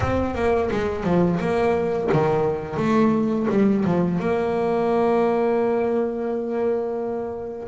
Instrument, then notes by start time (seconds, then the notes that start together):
double bass
0.00 C4
0.35 A#3
0.71 G#3
1.03 F3
1.40 A#3
2.12 D#3
2.77 A3
3.49 G3
3.84 F3
4.19 A#3